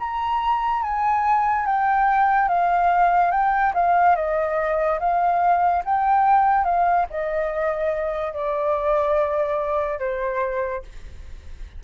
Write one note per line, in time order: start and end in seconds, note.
0.00 0.83 A#5
0.83 1.66 G#5
1.66 2.48 G5
2.48 3.31 F5
3.31 3.73 G5
3.74 4.16 F5
4.16 4.99 D#5
5.00 5.83 F5
5.85 6.64 G5
6.64 7.06 F5
7.10 8.33 D#5
8.33 10.00 D5
10.00 10.83 C5